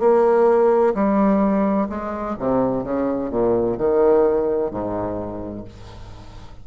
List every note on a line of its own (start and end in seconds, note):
0.00 0.94 A#3
0.95 1.88 G3
1.90 2.37 G#3
2.39 2.84 C3
2.84 3.30 C#3
3.30 3.77 A#2
3.78 4.71 D#3
4.71 5.65 G#2